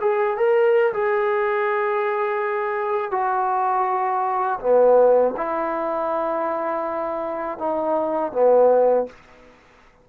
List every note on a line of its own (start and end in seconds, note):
0.00 0.37 G#4
0.37 0.92 A#4
0.93 3.11 G#4
3.11 4.59 F#4
4.60 5.34 B3
5.36 7.58 E4
7.58 8.32 D#4
8.32 9.06 B3